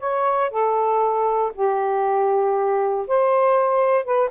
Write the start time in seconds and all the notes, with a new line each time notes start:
0.00 C#5
0.51 A4
1.55 G4
3.08 C5
4.05 B4